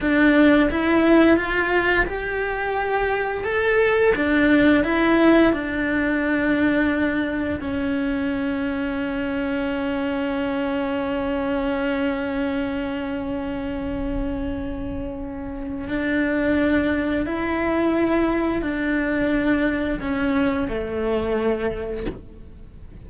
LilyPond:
\new Staff \with { instrumentName = "cello" } { \time 4/4 \tempo 4 = 87 d'4 e'4 f'4 g'4~ | g'4 a'4 d'4 e'4 | d'2. cis'4~ | cis'1~ |
cis'1~ | cis'2. d'4~ | d'4 e'2 d'4~ | d'4 cis'4 a2 | }